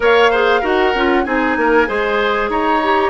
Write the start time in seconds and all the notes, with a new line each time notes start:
0.00 A#3 A#4 C#5 F5
0.30 G#4 C5
0.60 D#4 F#4 A#4 F#5
0.94 C#4 F4
1.24 C4 D#4 G#4 G#5
1.56 A#3 A#4
1.86 G#3 G#4 C5
2.49 D#4 C#5 A#5
2.82 G4